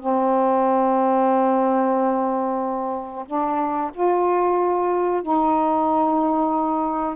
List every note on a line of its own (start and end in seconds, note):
0.00 3.26 C4
3.26 3.92 D4
3.94 5.23 F4
5.23 7.17 D#4